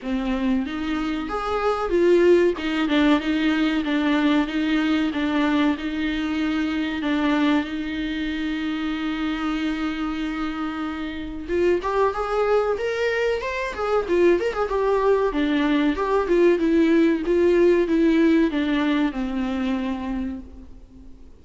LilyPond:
\new Staff \with { instrumentName = "viola" } { \time 4/4 \tempo 4 = 94 c'4 dis'4 gis'4 f'4 | dis'8 d'8 dis'4 d'4 dis'4 | d'4 dis'2 d'4 | dis'1~ |
dis'2 f'8 g'8 gis'4 | ais'4 c''8 gis'8 f'8 ais'16 gis'16 g'4 | d'4 g'8 f'8 e'4 f'4 | e'4 d'4 c'2 | }